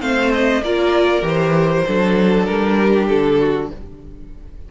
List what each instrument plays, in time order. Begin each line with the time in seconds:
0.00 cello A3, viola C4, violin C5 F5
0.33 violin D#5
0.63 cello A#3, viola F4, violin A#4 D5
1.22 cello E3, viola G4
1.28 violin C5
1.87 cello F#3, viola D4, violin A4
2.46 cello G3, violin A#4
2.79 violin G4
3.08 cello D3, violin A4
3.40 violin F#4